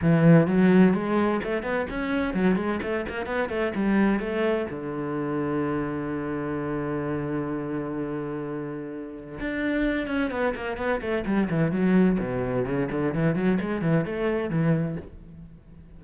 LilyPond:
\new Staff \with { instrumentName = "cello" } { \time 4/4 \tempo 4 = 128 e4 fis4 gis4 a8 b8 | cis'4 fis8 gis8 a8 ais8 b8 a8 | g4 a4 d2~ | d1~ |
d1 | d'4. cis'8 b8 ais8 b8 a8 | g8 e8 fis4 b,4 cis8 d8 | e8 fis8 gis8 e8 a4 e4 | }